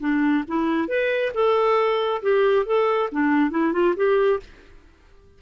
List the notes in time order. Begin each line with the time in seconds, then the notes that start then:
0.00 D4
0.48 E4
0.88 B4
1.34 A4
2.22 G4
2.65 A4
3.12 D4
3.50 E4
3.72 F4
3.96 G4